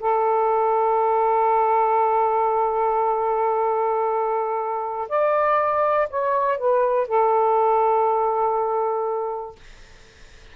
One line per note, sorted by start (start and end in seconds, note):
0.00 5.08 A4
5.09 6.08 D5
6.10 6.58 C#5
6.58 7.08 B4
7.08 9.55 A4